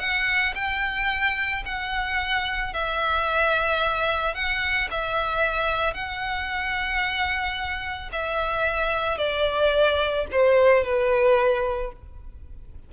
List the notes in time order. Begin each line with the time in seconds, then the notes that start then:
0.00 F#5
0.56 G5
1.66 F#5
2.74 E5
4.35 F#5
4.91 E5
5.94 F#5
8.13 E5
9.18 D5
10.32 C5
10.85 B4